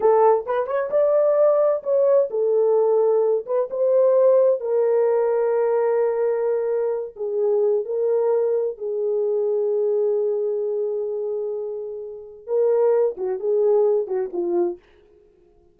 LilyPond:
\new Staff \with { instrumentName = "horn" } { \time 4/4 \tempo 4 = 130 a'4 b'8 cis''8 d''2 | cis''4 a'2~ a'8 b'8 | c''2 ais'2~ | ais'2.~ ais'8 gis'8~ |
gis'4 ais'2 gis'4~ | gis'1~ | gis'2. ais'4~ | ais'8 fis'8 gis'4. fis'8 f'4 | }